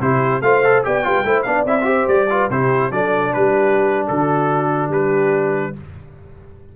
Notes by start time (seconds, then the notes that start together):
0.00 C3 E4 G4 C5
0.41 A3 F4 C5 F5
0.64 A4
0.84 B3 G4 D5 G5
1.03 G3 F4 B4
1.24 A3 E4 C5
1.42 B3 D4 F5
1.50 D5
1.65 C4 E4 E5
1.81 F4 G4 C5
2.07 G3 D5
2.30 F4 B4
2.50 C3 E4 G4 C5
2.91 F#3 D4 A4 D5
3.33 G3 G4 B4
4.08 D3 F#4 A4
4.89 G3 G4 B4